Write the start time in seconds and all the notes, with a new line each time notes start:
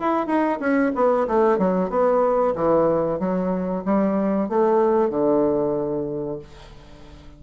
0.00 E4
0.27 D#4
0.60 C#4
0.95 B3
1.28 A3
1.58 F#3
1.90 B3
2.55 E3
3.19 F#3
3.85 G3
4.49 A3
5.10 D3